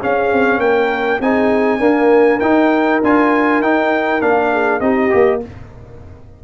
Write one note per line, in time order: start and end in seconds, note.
0.00 1.21 C#4
0.00 0.32 C#4
0.00 0.60 G#4
0.00 0.60 F5
0.32 0.58 C4
0.58 1.18 A#3
0.58 1.22 A#4
0.58 1.20 G5
1.20 1.80 C4
1.20 1.80 D#4
1.20 1.79 G#4
1.20 2.40 G#5
1.79 2.40 A#3
1.79 2.40 D4
1.79 4.50 A#4
2.40 3.01 D#4
2.40 3.02 D#4
2.40 3.00 G5
3.03 3.60 D4
3.03 3.63 F4
3.03 3.62 G#5
3.60 4.21 D#4
3.60 4.21 G5
4.21 4.81 A#3
4.21 4.81 D4
4.21 4.80 F5
4.52 4.81 G#4
4.80 5.11 C4
4.80 5.10 D#4
4.80 5.41 G4
4.80 5.40 D#5
5.10 5.44 A#3
5.10 5.40 G4